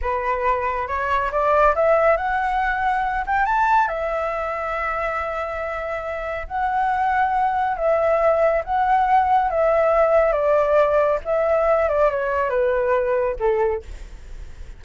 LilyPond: \new Staff \with { instrumentName = "flute" } { \time 4/4 \tempo 4 = 139 b'2 cis''4 d''4 | e''4 fis''2~ fis''8 g''8 | a''4 e''2.~ | e''2. fis''4~ |
fis''2 e''2 | fis''2 e''2 | d''2 e''4. d''8 | cis''4 b'2 a'4 | }